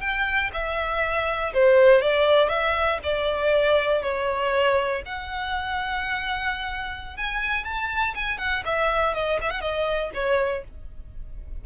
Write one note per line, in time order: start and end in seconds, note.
0.00 0.50 G5
0.53 1.53 E5
1.53 2.02 C5
2.02 2.49 D5
2.49 2.99 E5
3.03 4.02 D5
4.02 5.02 C#5
5.05 7.16 F#5
7.16 7.64 G#5
7.64 8.14 A5
8.14 8.38 G#5
8.38 8.63 F#5
8.65 9.14 E5
9.14 9.39 D#5
9.41 9.50 E5
9.50 9.60 F#5
9.60 10.10 D#5
10.14 10.64 C#5